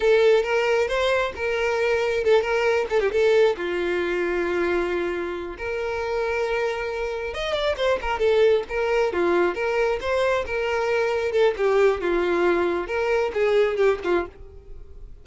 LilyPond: \new Staff \with { instrumentName = "violin" } { \time 4/4 \tempo 4 = 135 a'4 ais'4 c''4 ais'4~ | ais'4 a'8 ais'4 a'16 g'16 a'4 | f'1~ | f'8 ais'2.~ ais'8~ |
ais'8 dis''8 d''8 c''8 ais'8 a'4 ais'8~ | ais'8 f'4 ais'4 c''4 ais'8~ | ais'4. a'8 g'4 f'4~ | f'4 ais'4 gis'4 g'8 f'8 | }